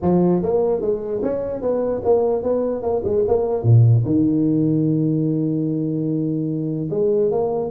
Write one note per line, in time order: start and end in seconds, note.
0.02 0.42 F3
0.42 0.81 A#3
0.81 1.21 G#3
1.22 1.61 C#4
1.61 2.02 B3
2.04 2.42 A#3
2.42 2.82 B3
2.82 3.02 A#3
3.04 3.24 G#3
3.27 3.62 A#3
3.62 4.03 A#2
4.05 6.89 D#3
6.90 7.31 G#3
7.31 7.70 A#3